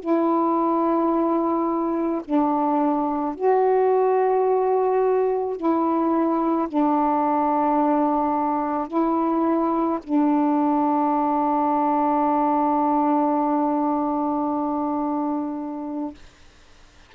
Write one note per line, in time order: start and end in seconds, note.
0.00 2.22 E4
2.25 3.35 D4
3.35 5.57 F#4
5.57 6.68 E4
6.69 8.88 D4
8.88 9.99 E4
10.04 16.15 D4